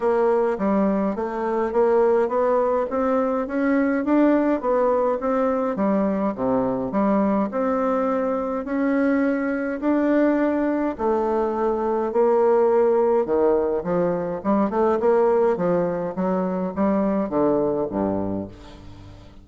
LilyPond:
\new Staff \with { instrumentName = "bassoon" } { \time 4/4 \tempo 4 = 104 ais4 g4 a4 ais4 | b4 c'4 cis'4 d'4 | b4 c'4 g4 c4 | g4 c'2 cis'4~ |
cis'4 d'2 a4~ | a4 ais2 dis4 | f4 g8 a8 ais4 f4 | fis4 g4 d4 g,4 | }